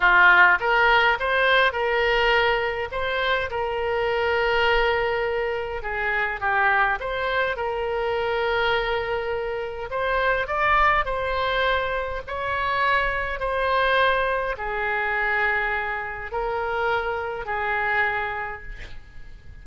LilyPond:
\new Staff \with { instrumentName = "oboe" } { \time 4/4 \tempo 4 = 103 f'4 ais'4 c''4 ais'4~ | ais'4 c''4 ais'2~ | ais'2 gis'4 g'4 | c''4 ais'2.~ |
ais'4 c''4 d''4 c''4~ | c''4 cis''2 c''4~ | c''4 gis'2. | ais'2 gis'2 | }